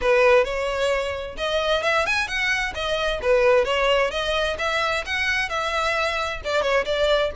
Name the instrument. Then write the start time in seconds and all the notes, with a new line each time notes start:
violin
0.01 B4
0.44 C#5
1.37 D#5
1.83 E5
2.05 G#5
2.27 F#5
2.74 D#5
3.22 B4
3.65 C#5
4.11 D#5
4.58 E5
5.05 F#5
5.49 E5
6.44 D5
6.62 C#5
6.85 D5